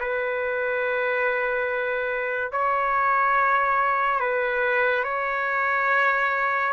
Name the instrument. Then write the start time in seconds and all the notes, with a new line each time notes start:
trumpet
0.00 B4
2.52 C#5
4.21 B4
5.04 C#5